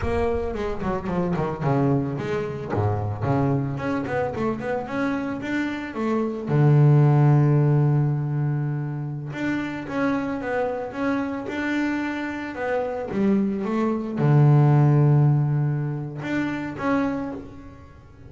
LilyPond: \new Staff \with { instrumentName = "double bass" } { \time 4/4 \tempo 4 = 111 ais4 gis8 fis8 f8 dis8 cis4 | gis4 gis,4 cis4 cis'8 b8 | a8 b8 cis'4 d'4 a4 | d1~ |
d4~ d16 d'4 cis'4 b8.~ | b16 cis'4 d'2 b8.~ | b16 g4 a4 d4.~ d16~ | d2 d'4 cis'4 | }